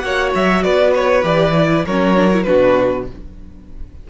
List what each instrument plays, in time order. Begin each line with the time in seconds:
0.00 cello A#3, viola F#4, violin C#5 F#5
0.35 cello F#3, violin E5
0.63 cello B3, violin B4 D5
0.95 violin C#5
1.23 cello E3, viola G4, violin D5
1.57 viola E4
1.86 cello F#3, viola C#4, violin A#4 C#5
2.17 viola D4
2.33 viola E4
2.43 viola D4, violin F#4 B4
2.49 cello B2